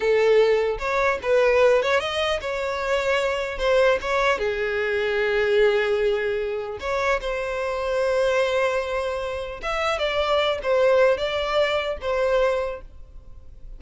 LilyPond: \new Staff \with { instrumentName = "violin" } { \time 4/4 \tempo 4 = 150 a'2 cis''4 b'4~ | b'8 cis''8 dis''4 cis''2~ | cis''4 c''4 cis''4 gis'4~ | gis'1~ |
gis'4 cis''4 c''2~ | c''1 | e''4 d''4. c''4. | d''2 c''2 | }